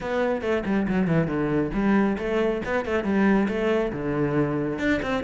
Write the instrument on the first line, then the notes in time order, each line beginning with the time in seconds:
cello
0.00 B3
0.41 A3
0.65 G3
0.88 F#3
1.07 E3
1.27 D3
1.73 G3
2.18 A3
2.65 B3
2.85 A3
3.04 G3
3.48 A3
3.92 D3
4.78 D4
5.02 C4